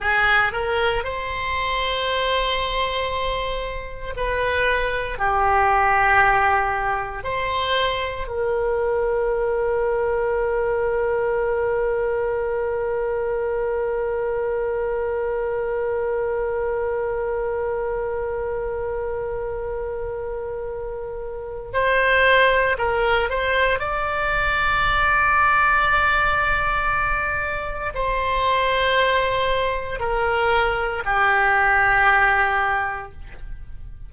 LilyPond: \new Staff \with { instrumentName = "oboe" } { \time 4/4 \tempo 4 = 58 gis'8 ais'8 c''2. | b'4 g'2 c''4 | ais'1~ | ais'1~ |
ais'1~ | ais'4 c''4 ais'8 c''8 d''4~ | d''2. c''4~ | c''4 ais'4 g'2 | }